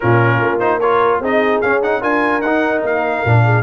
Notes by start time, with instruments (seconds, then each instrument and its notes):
0.00 tuba A#2, trombone C#4, horn F4, trumpet A#4
0.41 tuba A#3
0.59 trombone D#4, trumpet C5
0.79 trombone F4, horn A#4, trumpet C#5
1.20 tuba C4, trombone D#4, horn G#4, trumpet D#5
1.61 tuba C#4, trombone C#4, trumpet F5
1.82 trombone D#4, trumpet F#5
2.01 tuba D4, trombone F4, horn A#4, trumpet G#5
2.41 tuba D#4, trombone D#4, trumpet F#5
2.83 tuba A#3, trumpet F5
3.24 tuba A#2, trombone D4
3.44 horn G#4